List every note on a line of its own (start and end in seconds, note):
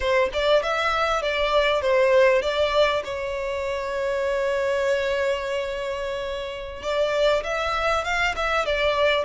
0.00 0.29 C5
0.33 0.63 D5
0.63 1.22 E5
1.22 1.81 D5
1.81 2.42 C5
2.42 3.02 D5
3.04 6.82 C#5
6.82 7.43 D5
7.43 8.04 E5
8.04 8.34 F5
8.36 8.65 E5
8.65 9.24 D5